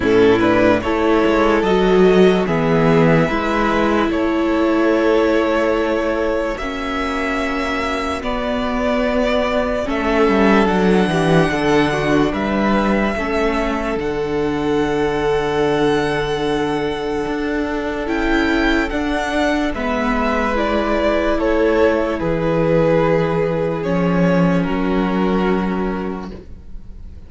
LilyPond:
<<
  \new Staff \with { instrumentName = "violin" } { \time 4/4 \tempo 4 = 73 a'8 b'8 cis''4 dis''4 e''4~ | e''4 cis''2. | e''2 d''2 | e''4 fis''2 e''4~ |
e''4 fis''2.~ | fis''2 g''4 fis''4 | e''4 d''4 cis''4 b'4~ | b'4 cis''4 ais'2 | }
  \new Staff \with { instrumentName = "violin" } { \time 4/4 e'4 a'2 gis'4 | b'4 a'2. | fis'1 | a'4. g'8 a'8 fis'8 b'4 |
a'1~ | a'1 | b'2 a'4 gis'4~ | gis'2 fis'2 | }
  \new Staff \with { instrumentName = "viola" } { \time 4/4 cis'8 d'8 e'4 fis'4 b4 | e'1 | cis'2 b2 | cis'4 d'2. |
cis'4 d'2.~ | d'2 e'4 d'4 | b4 e'2.~ | e'4 cis'2. | }
  \new Staff \with { instrumentName = "cello" } { \time 4/4 a,4 a8 gis8 fis4 e4 | gis4 a2. | ais2 b2 | a8 g8 fis8 e8 d4 g4 |
a4 d2.~ | d4 d'4 cis'4 d'4 | gis2 a4 e4~ | e4 f4 fis2 | }
>>